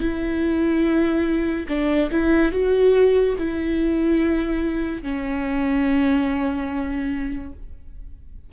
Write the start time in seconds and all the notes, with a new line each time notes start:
0.00 E4
1.69 D4
2.11 E4
2.52 F#4
3.38 E4
5.02 C#4